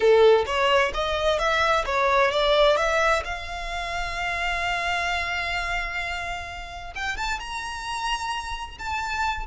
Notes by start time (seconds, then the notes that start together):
0.00 A4
0.46 C#5
0.94 D#5
1.38 E5
1.85 C#5
2.31 D5
2.76 E5
3.24 F5
6.95 G5
7.16 A5
7.39 A#5
8.78 A5